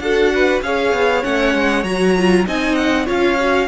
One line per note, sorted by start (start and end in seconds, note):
0.00 0.62 D4
0.00 0.64 F#4
0.00 0.34 A4
0.00 0.61 F#5
0.35 0.65 B4
0.62 0.93 C#4
0.62 1.23 G#4
0.62 2.47 C#5
0.62 1.24 F5
0.93 1.24 B3
1.23 1.55 A3
1.23 1.84 C#4
1.23 1.84 F#5
1.55 1.85 G#3
1.84 2.46 F#3
1.84 2.16 F#4
1.84 2.45 A#5
2.18 2.47 F4
2.47 3.09 C4
2.47 3.07 D#4
2.47 3.06 D#5
2.47 2.76 G#5
2.76 3.06 F#5
3.06 3.68 C#4
3.06 3.37 F4
3.06 3.67 C#5
3.06 3.68 F5
3.40 3.68 F#4